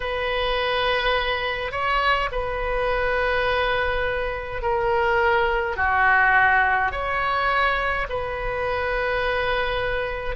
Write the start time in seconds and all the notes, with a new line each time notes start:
0.00 B4
1.71 C#5
2.31 B4
4.62 A#4
5.76 F#4
6.91 C#5
8.09 B4